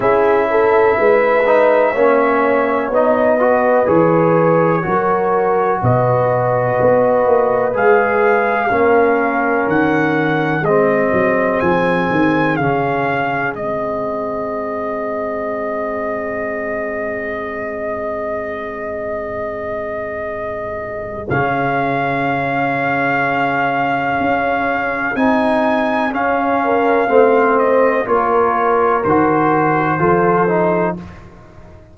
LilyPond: <<
  \new Staff \with { instrumentName = "trumpet" } { \time 4/4 \tempo 4 = 62 e''2. dis''4 | cis''2 dis''2 | f''2 fis''4 dis''4 | gis''4 f''4 dis''2~ |
dis''1~ | dis''2 f''2~ | f''2 gis''4 f''4~ | f''8 dis''8 cis''4 c''2 | }
  \new Staff \with { instrumentName = "horn" } { \time 4/4 gis'8 a'8 b'4 cis''4. b'8~ | b'4 ais'4 b'2~ | b'4 ais'2 gis'4~ | gis'1~ |
gis'1~ | gis'1~ | gis'2.~ gis'8 ais'8 | c''4 ais'2 a'4 | }
  \new Staff \with { instrumentName = "trombone" } { \time 4/4 e'4. dis'8 cis'4 dis'8 fis'8 | gis'4 fis'2. | gis'4 cis'2 c'4~ | c'4 cis'4 c'2~ |
c'1~ | c'2 cis'2~ | cis'2 dis'4 cis'4 | c'4 f'4 fis'4 f'8 dis'8 | }
  \new Staff \with { instrumentName = "tuba" } { \time 4/4 cis'4 gis4 ais4 b4 | e4 fis4 b,4 b8 ais8 | gis4 ais4 dis4 gis8 fis8 | f8 dis8 cis4 gis2~ |
gis1~ | gis2 cis2~ | cis4 cis'4 c'4 cis'4 | a4 ais4 dis4 f4 | }
>>